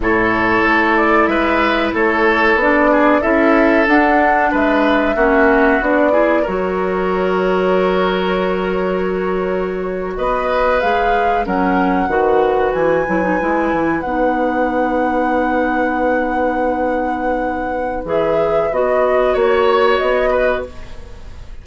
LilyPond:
<<
  \new Staff \with { instrumentName = "flute" } { \time 4/4 \tempo 4 = 93 cis''4. d''8 e''4 cis''4 | d''4 e''4 fis''4 e''4~ | e''4 d''4 cis''2~ | cis''2.~ cis''8. dis''16~ |
dis''8. f''4 fis''2 gis''16~ | gis''4.~ gis''16 fis''2~ fis''16~ | fis''1 | e''4 dis''4 cis''4 dis''4 | }
  \new Staff \with { instrumentName = "oboe" } { \time 4/4 a'2 b'4 a'4~ | a'8 gis'8 a'2 b'4 | fis'4. gis'8 ais'2~ | ais'2.~ ais'8. b'16~ |
b'4.~ b'16 ais'4 b'4~ b'16~ | b'1~ | b'1~ | b'2 cis''4. b'8 | }
  \new Staff \with { instrumentName = "clarinet" } { \time 4/4 e'1 | d'4 e'4 d'2 | cis'4 d'8 e'8 fis'2~ | fis'1~ |
fis'8. gis'4 cis'4 fis'4~ fis'16~ | fis'16 e'16 dis'16 e'4 dis'2~ dis'16~ | dis'1 | gis'4 fis'2. | }
  \new Staff \with { instrumentName = "bassoon" } { \time 4/4 a,4 a4 gis4 a4 | b4 cis'4 d'4 gis4 | ais4 b4 fis2~ | fis2.~ fis8. b16~ |
b8. gis4 fis4 dis4 e16~ | e16 fis8 gis8 e8 b2~ b16~ | b1 | e4 b4 ais4 b4 | }
>>